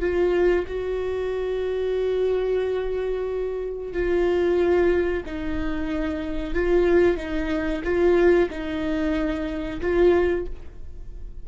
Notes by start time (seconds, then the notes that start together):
0.00 F4
0.67 F#4
3.92 F4
5.25 D#4
6.54 F4
7.17 D#4
7.83 F4
8.50 D#4
9.80 F4